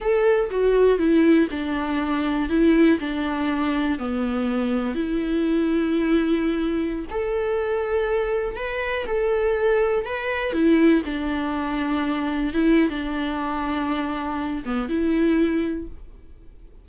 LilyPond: \new Staff \with { instrumentName = "viola" } { \time 4/4 \tempo 4 = 121 a'4 fis'4 e'4 d'4~ | d'4 e'4 d'2 | b2 e'2~ | e'2~ e'16 a'4.~ a'16~ |
a'4~ a'16 b'4 a'4.~ a'16~ | a'16 b'4 e'4 d'4.~ d'16~ | d'4~ d'16 e'8. d'2~ | d'4. b8 e'2 | }